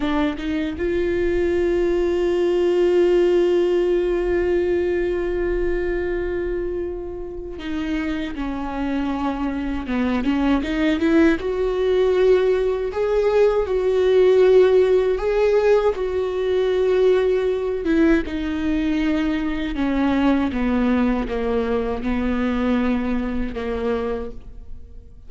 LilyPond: \new Staff \with { instrumentName = "viola" } { \time 4/4 \tempo 4 = 79 d'8 dis'8 f'2.~ | f'1~ | f'2 dis'4 cis'4~ | cis'4 b8 cis'8 dis'8 e'8 fis'4~ |
fis'4 gis'4 fis'2 | gis'4 fis'2~ fis'8 e'8 | dis'2 cis'4 b4 | ais4 b2 ais4 | }